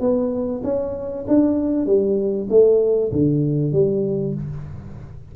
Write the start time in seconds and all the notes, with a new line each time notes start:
0.00 B3
0.64 C#4
1.28 D4
1.86 G3
2.50 A3
3.12 D3
3.72 G3